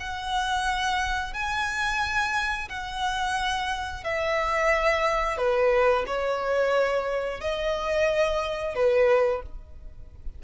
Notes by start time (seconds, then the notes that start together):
0.00 F#5
1.34 G#5
2.69 F#5
4.04 E5
5.37 B4
6.07 C#5
7.41 D#5
8.75 B4